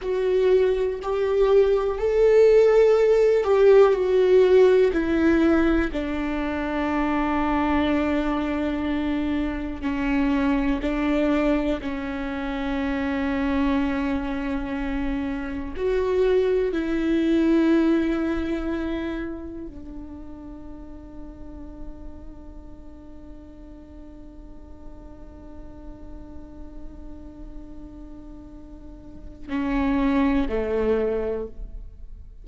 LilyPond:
\new Staff \with { instrumentName = "viola" } { \time 4/4 \tempo 4 = 61 fis'4 g'4 a'4. g'8 | fis'4 e'4 d'2~ | d'2 cis'4 d'4 | cis'1 |
fis'4 e'2. | d'1~ | d'1~ | d'2 cis'4 a4 | }